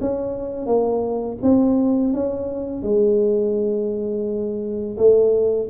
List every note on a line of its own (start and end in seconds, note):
0.00 0.66 C#4
0.66 1.37 A#3
1.42 2.13 C4
2.13 2.82 C#4
2.82 4.97 G#3
4.97 5.68 A3